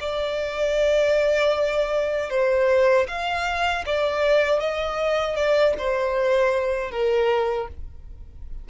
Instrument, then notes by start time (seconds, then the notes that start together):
violin
0.00 D5
2.30 C5
3.08 F5
3.86 D5
4.60 D#5
5.36 D5
5.78 C5
6.91 A#4